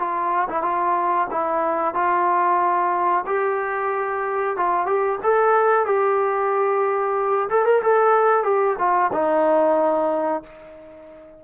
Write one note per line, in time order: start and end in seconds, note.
0.00 0.49 F4
0.50 0.63 E4
0.63 1.28 F4
1.32 1.95 E4
1.95 3.25 F4
3.27 4.57 G4
4.57 4.87 F4
4.87 5.19 G4
5.24 5.86 A4
5.86 7.49 G4
7.50 7.66 A4
7.66 7.82 A#4
7.83 8.44 A4
8.44 8.77 G4
8.79 9.12 F4
9.13 10.44 D#4